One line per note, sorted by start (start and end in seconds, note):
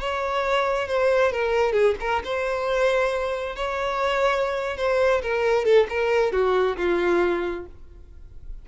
0.00 0.88 C#5
0.88 1.32 C5
1.32 1.73 A#4
1.73 1.95 G#4
2.00 2.23 A#4
2.24 3.56 C5
3.56 4.77 C#5
4.77 5.22 C5
5.22 5.65 A#4
5.65 5.87 A4
5.89 6.32 A#4
6.32 6.77 F#4
6.77 7.66 F4